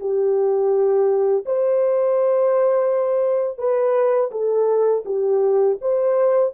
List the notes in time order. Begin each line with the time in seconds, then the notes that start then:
0.00 G4
1.46 C5
3.58 B4
4.31 A4
5.05 G4
5.81 C5